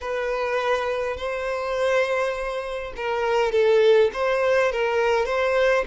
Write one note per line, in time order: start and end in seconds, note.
0.01 1.16 B4
1.16 2.93 C5
2.96 3.51 A#4
3.51 4.10 A4
4.13 4.71 C5
4.72 5.25 A#4
5.25 5.84 C5